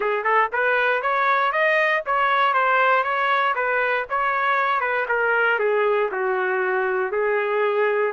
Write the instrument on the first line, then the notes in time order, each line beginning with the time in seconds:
trumpet
0.00 G#4
0.24 A4
0.52 B4
1.01 C#5
1.52 D#5
2.06 C#5
2.53 C5
3.03 C#5
3.55 B4
4.09 C#5
4.80 B4
5.08 A#4
5.59 G#4
6.11 F#4
7.11 G#4